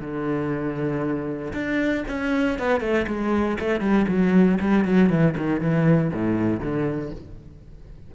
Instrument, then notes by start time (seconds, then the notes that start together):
cello
0.00 D3
1.53 D4
2.08 C#4
2.59 B3
2.80 A3
3.07 G#3
3.59 A3
3.80 G3
4.08 F#3
4.60 G3
4.85 F#3
5.09 E3
5.37 D#3
5.60 E3
6.13 A2
6.60 D3